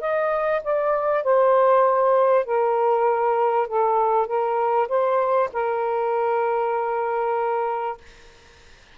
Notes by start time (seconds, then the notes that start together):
0.00 D#5
0.63 D5
1.23 C5
2.45 A#4
3.67 A4
4.26 A#4
4.88 C5
5.52 A#4